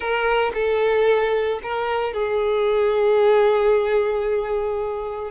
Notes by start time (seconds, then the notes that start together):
0.00 A#4
0.53 A4
1.62 A#4
2.13 G#4